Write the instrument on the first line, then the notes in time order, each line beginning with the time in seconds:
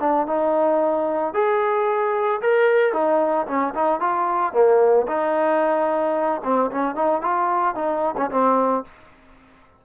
trombone
0.00 D4
0.27 D#4
1.34 G#4
2.42 A#4
2.93 D#4
3.47 C#4
3.75 D#4
4.01 F4
4.53 A#3
5.08 D#4
6.44 C4
6.71 C#4
6.96 D#4
7.22 F4
7.75 D#4
8.17 C#4
8.31 C4